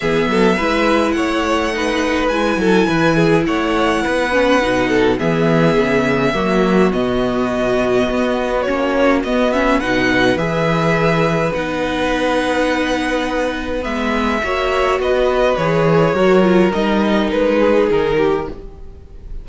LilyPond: <<
  \new Staff \with { instrumentName = "violin" } { \time 4/4 \tempo 4 = 104 e''2 fis''2 | gis''2 fis''2~ | fis''4 e''2. | dis''2. cis''4 |
dis''8 e''8 fis''4 e''2 | fis''1 | e''2 dis''4 cis''4~ | cis''4 dis''4 b'4 ais'4 | }
  \new Staff \with { instrumentName = "violin" } { \time 4/4 gis'8 a'8 b'4 cis''4 b'4~ | b'8 a'8 b'8 gis'8 cis''4 b'4~ | b'8 a'8 gis'2 fis'4~ | fis'1~ |
fis'4 b'2.~ | b'1~ | b'4 cis''4 b'2 | ais'2~ ais'8 gis'4 g'8 | }
  \new Staff \with { instrumentName = "viola" } { \time 4/4 b4 e'2 dis'4 | e'2.~ e'8 cis'8 | dis'4 b2 ais4 | b2. cis'4 |
b8 cis'8 dis'4 gis'2 | dis'1 | b4 fis'2 gis'4 | fis'8 f'8 dis'2. | }
  \new Staff \with { instrumentName = "cello" } { \time 4/4 e8 fis8 gis4 a2 | gis8 fis8 e4 a4 b4 | b,4 e4 cis4 fis4 | b,2 b4 ais4 |
b4 b,4 e2 | b1 | gis4 ais4 b4 e4 | fis4 g4 gis4 dis4 | }
>>